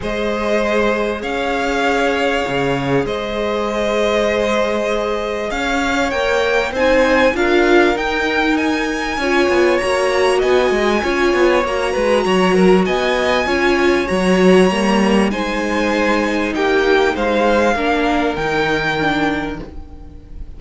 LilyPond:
<<
  \new Staff \with { instrumentName = "violin" } { \time 4/4 \tempo 4 = 98 dis''2 f''2~ | f''4 dis''2.~ | dis''4 f''4 g''4 gis''4 | f''4 g''4 gis''2 |
ais''4 gis''2 ais''4~ | ais''4 gis''2 ais''4~ | ais''4 gis''2 g''4 | f''2 g''2 | }
  \new Staff \with { instrumentName = "violin" } { \time 4/4 c''2 cis''2~ | cis''4 c''2.~ | c''4 cis''2 c''4 | ais'2. cis''4~ |
cis''4 dis''4 cis''4. b'8 | cis''8 ais'8 dis''4 cis''2~ | cis''4 c''2 g'4 | c''4 ais'2. | }
  \new Staff \with { instrumentName = "viola" } { \time 4/4 gis'1~ | gis'1~ | gis'2 ais'4 dis'4 | f'4 dis'2 f'4 |
fis'2 f'4 fis'4~ | fis'2 f'4 fis'4 | ais4 dis'2.~ | dis'4 d'4 dis'4 d'4 | }
  \new Staff \with { instrumentName = "cello" } { \time 4/4 gis2 cis'2 | cis4 gis2.~ | gis4 cis'4 ais4 c'4 | d'4 dis'2 cis'8 b8 |
ais4 b8 gis8 cis'8 b8 ais8 gis8 | fis4 b4 cis'4 fis4 | g4 gis2 ais4 | gis4 ais4 dis2 | }
>>